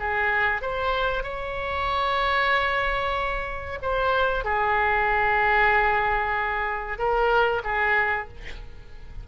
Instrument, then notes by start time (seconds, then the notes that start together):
oboe
0.00 G#4
0.62 C5
1.24 C#5
3.83 C5
4.45 G#4
6.99 A#4
7.65 G#4